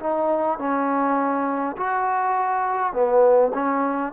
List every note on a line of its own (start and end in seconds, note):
0.00 0.59 D#4
0.59 1.76 C#4
1.76 2.93 F#4
2.93 3.52 B3
3.54 4.13 C#4